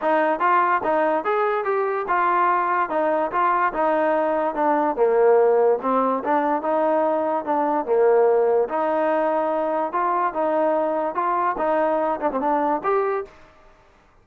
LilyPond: \new Staff \with { instrumentName = "trombone" } { \time 4/4 \tempo 4 = 145 dis'4 f'4 dis'4 gis'4 | g'4 f'2 dis'4 | f'4 dis'2 d'4 | ais2 c'4 d'4 |
dis'2 d'4 ais4~ | ais4 dis'2. | f'4 dis'2 f'4 | dis'4. d'16 c'16 d'4 g'4 | }